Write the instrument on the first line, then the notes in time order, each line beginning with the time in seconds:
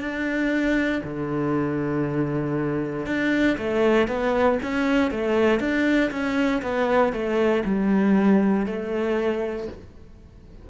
cello
0.00 D4
1.04 D3
3.06 D4
3.58 A3
4.08 B3
4.62 C#4
5.11 A3
5.60 D4
6.11 C#4
6.62 B3
7.12 A3
7.65 G3
8.66 A3